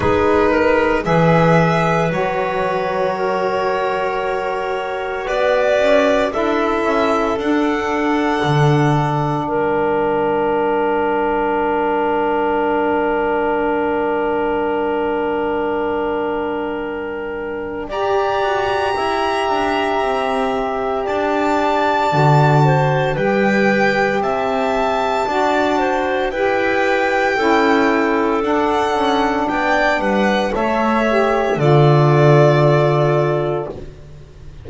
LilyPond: <<
  \new Staff \with { instrumentName = "violin" } { \time 4/4 \tempo 4 = 57 b'4 e''4 cis''2~ | cis''4 d''4 e''4 fis''4~ | fis''4 g''2.~ | g''1~ |
g''4 ais''2. | a''2 g''4 a''4~ | a''4 g''2 fis''4 | g''8 fis''8 e''4 d''2 | }
  \new Staff \with { instrumentName = "clarinet" } { \time 4/4 gis'8 ais'8 b'2 ais'4~ | ais'4 b'4 a'2~ | a'4 ais'2.~ | ais'1~ |
ais'4 d''4 e''2 | d''4. c''8 b'4 e''4 | d''8 c''8 b'4 a'2 | d''8 b'8 cis''4 a'2 | }
  \new Staff \with { instrumentName = "saxophone" } { \time 4/4 dis'4 gis'4 fis'2~ | fis'2 e'4 d'4~ | d'1~ | d'1~ |
d'4 g'2.~ | g'4 fis'4 g'2 | fis'4 g'4 e'4 d'4~ | d'4 a'8 g'8 f'2 | }
  \new Staff \with { instrumentName = "double bass" } { \time 4/4 gis4 e4 fis2~ | fis4 b8 cis'8 d'8 cis'8 d'4 | d4 g2.~ | g1~ |
g4 g'8 fis'8 e'8 d'8 c'4 | d'4 d4 g4 c'4 | d'4 e'4 cis'4 d'8 cis'8 | b8 g8 a4 d2 | }
>>